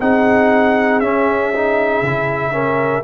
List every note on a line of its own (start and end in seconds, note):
0.00 1.02 C4
0.00 1.03 D#4
0.00 2.53 G#4
0.00 1.00 F#5
1.00 2.02 C#4
1.00 1.54 C#4
1.00 3.03 E5
1.54 2.05 D#4
2.02 3.04 C#3
2.02 2.52 E4
2.52 3.03 C#4
2.52 3.04 A#4